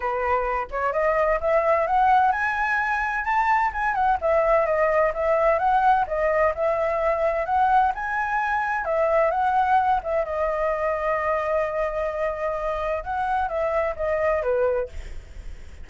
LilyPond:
\new Staff \with { instrumentName = "flute" } { \time 4/4 \tempo 4 = 129 b'4. cis''8 dis''4 e''4 | fis''4 gis''2 a''4 | gis''8 fis''8 e''4 dis''4 e''4 | fis''4 dis''4 e''2 |
fis''4 gis''2 e''4 | fis''4. e''8 dis''2~ | dis''1 | fis''4 e''4 dis''4 b'4 | }